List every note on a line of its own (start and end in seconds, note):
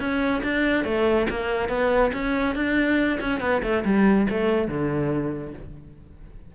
0.00 0.43 C#4
0.44 0.85 D4
0.85 1.27 A3
1.30 1.69 A#3
1.69 2.12 B3
2.14 2.56 C#4
2.56 3.19 D4
3.21 3.41 C#4
3.41 3.62 B3
3.63 3.84 A3
3.85 4.28 G3
4.31 4.69 A3
4.69 5.54 D3